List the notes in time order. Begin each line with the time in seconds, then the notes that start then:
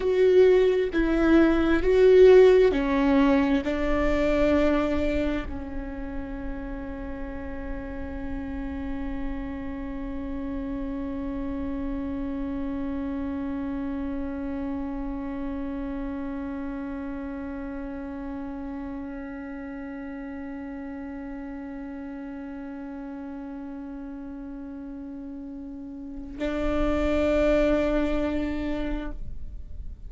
0.00 F#4
0.93 E4
1.82 F#4
2.71 C#4
3.64 D4
5.48 C#4
26.38 D4